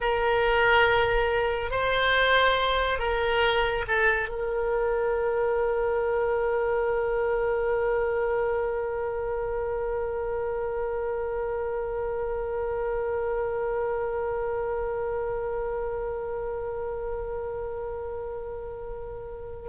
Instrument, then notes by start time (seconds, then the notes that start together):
oboe
0.00 A#4
1.71 C5
2.98 A#4
3.87 A4
4.29 A#4